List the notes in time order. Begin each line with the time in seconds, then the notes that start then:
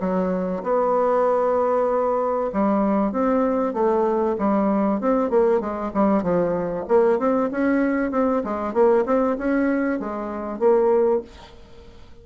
0.00 F#3
0.63 B3
2.53 G3
3.12 C4
3.73 A3
4.38 G3
5.00 C4
5.30 A#3
5.60 G#3
5.93 G3
6.23 F3
6.88 A#3
7.19 C4
7.51 C#4
8.11 C4
8.44 G#3
8.74 A#3
9.05 C4
9.38 C#4
9.99 G#3
10.59 A#3